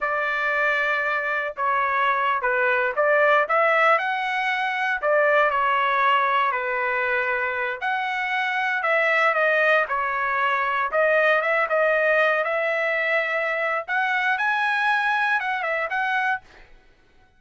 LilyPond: \new Staff \with { instrumentName = "trumpet" } { \time 4/4 \tempo 4 = 117 d''2. cis''4~ | cis''8. b'4 d''4 e''4 fis''16~ | fis''4.~ fis''16 d''4 cis''4~ cis''16~ | cis''8. b'2~ b'8 fis''8.~ |
fis''4~ fis''16 e''4 dis''4 cis''8.~ | cis''4~ cis''16 dis''4 e''8 dis''4~ dis''16~ | dis''16 e''2~ e''8. fis''4 | gis''2 fis''8 e''8 fis''4 | }